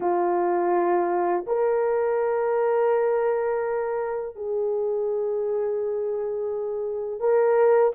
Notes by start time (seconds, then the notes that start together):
0.00 F4
1.46 A#4
4.35 G#4
7.20 A#4